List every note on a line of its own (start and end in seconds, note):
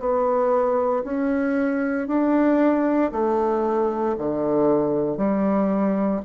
0.00 1.03 B3
1.04 2.08 C#4
2.08 3.11 D4
3.13 4.16 A3
4.18 5.18 D3
5.18 6.21 G3